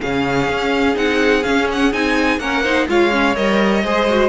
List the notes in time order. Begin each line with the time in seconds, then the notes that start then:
0.00 C#3 C#4 G#4 F5
0.48 C#4
0.94 C4 D#4 F#5
1.43 C#4 F5
1.72 F#5
1.92 C4 D#4 G#5
2.39 A#3 C#4 A#4 F#5
2.63 D#4 C5
2.88 G#3 F4 C#5 F5
3.11 C#4
3.35 G3 A#4 D#5
3.84 G#3 G#4 C5
4.09 F#4